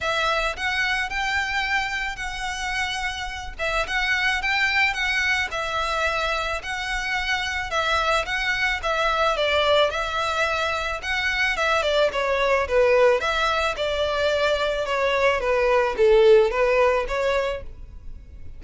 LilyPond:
\new Staff \with { instrumentName = "violin" } { \time 4/4 \tempo 4 = 109 e''4 fis''4 g''2 | fis''2~ fis''8 e''8 fis''4 | g''4 fis''4 e''2 | fis''2 e''4 fis''4 |
e''4 d''4 e''2 | fis''4 e''8 d''8 cis''4 b'4 | e''4 d''2 cis''4 | b'4 a'4 b'4 cis''4 | }